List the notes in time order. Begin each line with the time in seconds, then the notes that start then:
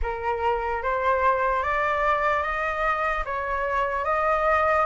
0.02 A#4
0.83 C5
1.63 D5
2.43 D#5
3.25 C#5
4.04 D#5